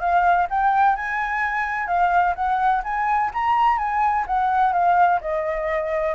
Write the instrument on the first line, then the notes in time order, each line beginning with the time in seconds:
flute
0.00 F5
0.50 G5
0.96 G#5
1.87 F5
2.35 F#5
2.83 G#5
3.33 A#5
3.78 G#5
4.27 F#5
4.73 F5
5.21 D#5